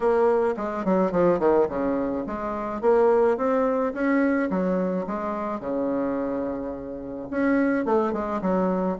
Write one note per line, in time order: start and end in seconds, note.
0.00 0.54 A#3
0.56 0.84 G#3
0.84 1.11 F#3
1.11 1.39 F3
1.39 1.67 D#3
1.68 2.24 C#3
2.26 2.81 G#3
2.81 3.37 A#3
3.37 3.93 C4
3.93 4.49 C#4
4.49 5.05 F#3
5.06 5.59 G#3
5.59 7.28 C#3
7.30 7.85 C#4
7.85 8.12 A3
8.12 8.40 G#3
8.41 8.97 F#3